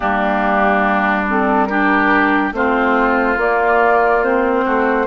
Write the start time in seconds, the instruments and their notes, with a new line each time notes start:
0.00 bassoon G3, clarinet A#3, oboe D4, flute G4
1.28 clarinet C4, flute A4
1.65 clarinet D4, oboe G4, flute A#4
2.52 bassoon A3, clarinet C4, oboe F4, flute C5
3.36 clarinet A#3, bassoon A#3, flute D5
4.23 clarinet C4, flute C5
4.65 bassoon A3, oboe F#4